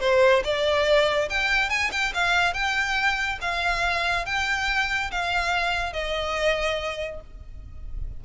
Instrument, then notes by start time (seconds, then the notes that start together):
violin
0.00 C5
0.44 D5
1.30 G5
1.69 G#5
1.91 G5
2.14 F5
2.54 G5
3.41 F5
4.26 G5
5.11 F5
5.93 D#5